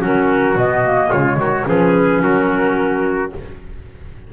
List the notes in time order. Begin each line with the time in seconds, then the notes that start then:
0.00 F#3 C#4 F#4 A#4
0.56 B2 B3 D#5
0.84 A#3
1.09 C#3 G#3 F4 C#5
1.37 D#3 F#4
1.66 F3 C#4 G#4 B4
2.22 F#3 F#4 A#4